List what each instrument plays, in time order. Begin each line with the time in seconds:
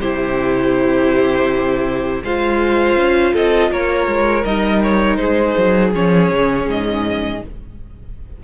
0.00 cello C3, viola E4, violin G4 C5
2.24 cello G#3, viola F4, violin C5 F5
2.97 cello C#4
3.34 cello C4, violin A4 D#5
3.71 cello A#3, violin A#4 C#5
4.07 cello G#3
4.45 cello G3, viola D#4, violin D#5
4.83 violin C#5
5.17 cello G#3, violin G#4 C5
5.58 cello F#3
5.93 cello F3, viola C#4, violin C#5
6.31 cello C#3
6.67 cello G#2, violin D#5